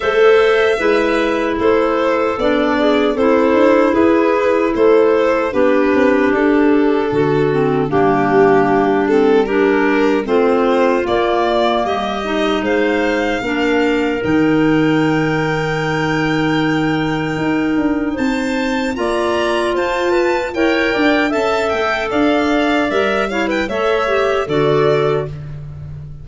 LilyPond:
<<
  \new Staff \with { instrumentName = "violin" } { \time 4/4 \tempo 4 = 76 e''2 c''4 d''4 | c''4 b'4 c''4 b'4 | a'2 g'4. a'8 | ais'4 c''4 d''4 dis''4 |
f''2 g''2~ | g''2. a''4 | ais''4 a''4 g''4 a''8 g''8 | f''4 e''8 f''16 g''16 e''4 d''4 | }
  \new Staff \with { instrumentName = "clarinet" } { \time 4/4 c''4 b'4 a'4. gis'8 | a'4 gis'4 a'4 g'4~ | g'4 fis'4 d'2 | g'4 f'2 g'4 |
c''4 ais'2.~ | ais'2. c''4 | d''4 c''8 b'8 cis''8 d''8 e''4 | d''4. cis''16 b'16 cis''4 a'4 | }
  \new Staff \with { instrumentName = "clarinet" } { \time 4/4 a'4 e'2 d'4 | e'2. d'4~ | d'4. c'8 ais4. c'8 | d'4 c'4 ais4. dis'8~ |
dis'4 d'4 dis'2~ | dis'1 | f'2 ais'4 a'4~ | a'4 ais'8 e'8 a'8 g'8 fis'4 | }
  \new Staff \with { instrumentName = "tuba" } { \time 4/4 a4 gis4 a4 b4 | c'8 d'8 e'4 a4 b8 c'8 | d'4 d4 g2~ | g4 a4 ais4 g4 |
gis4 ais4 dis2~ | dis2 dis'8 d'8 c'4 | ais4 f'4 e'8 d'8 cis'8 a8 | d'4 g4 a4 d4 | }
>>